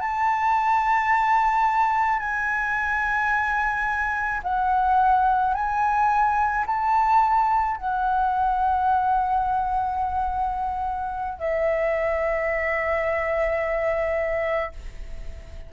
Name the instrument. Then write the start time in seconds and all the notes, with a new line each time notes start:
flute
0.00 A5
2.19 G#5
4.43 F#5
5.54 G#5
6.66 A5
7.77 F#5
11.38 E5